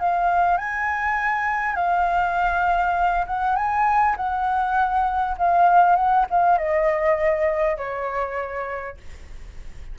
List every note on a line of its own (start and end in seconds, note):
0.00 0.58 F5
0.58 1.75 G#5
1.75 3.25 F5
3.27 3.56 F#5
3.56 4.16 G#5
4.17 5.37 F#5
5.38 5.96 F5
5.96 6.26 F#5
6.30 6.58 F5
6.58 7.77 D#5
7.77 8.97 C#5